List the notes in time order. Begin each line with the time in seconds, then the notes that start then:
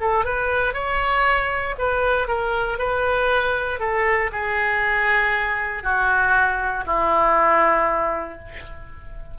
0.00 A4
0.24 B4
0.73 C#5
1.78 B4
2.27 A#4
2.78 B4
3.80 A4
4.32 G#4
5.83 F#4
6.86 E4